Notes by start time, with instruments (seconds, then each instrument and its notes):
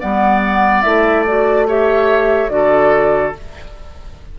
0.00 bassoon G3, clarinet B3, oboe D5, flute F#5
0.82 bassoon A3, clarinet E4, flute E5
1.25 clarinet F#4, flute D5
1.67 clarinet G4, oboe C#5, flute E5
2.48 bassoon D3, clarinet F#4, flute D5
2.55 oboe A4